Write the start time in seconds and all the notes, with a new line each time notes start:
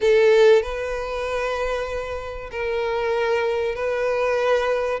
0.01 A4
0.62 B4
2.51 A#4
3.75 B4